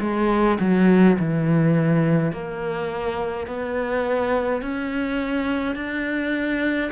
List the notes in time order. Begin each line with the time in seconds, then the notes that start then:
0.00 G#3
0.59 F#3
1.19 E3
2.32 A#3
3.47 B3
4.61 C#4
5.75 D4